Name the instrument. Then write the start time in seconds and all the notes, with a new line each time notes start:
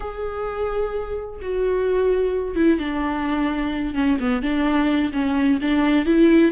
viola
0.00 G#4
1.41 F#4
2.55 E4
2.78 D4
3.94 C#4
4.19 B3
4.42 D4
5.12 C#4
5.61 D4
6.05 E4